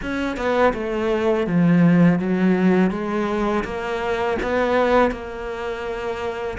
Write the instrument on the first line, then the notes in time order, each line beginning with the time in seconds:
cello
0.02 C#4
0.36 B3
0.73 A3
1.46 F3
2.19 F#3
2.90 G#3
3.64 A#3
4.42 B3
5.11 A#3